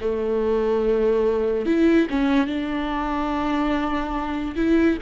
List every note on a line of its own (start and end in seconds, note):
0.00 1.65 A3
1.65 2.07 E4
2.09 2.46 C#4
2.46 4.55 D4
4.55 4.97 E4